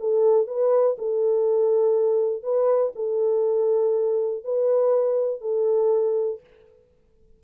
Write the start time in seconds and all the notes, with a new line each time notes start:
0.00 A4
0.47 B4
0.98 A4
2.43 B4
2.95 A4
4.44 B4
5.41 A4